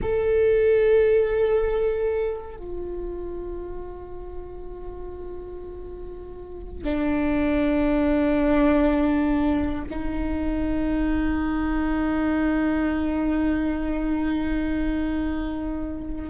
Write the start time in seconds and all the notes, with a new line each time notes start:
0.02 A4
2.56 F4
6.83 D4
9.90 D#4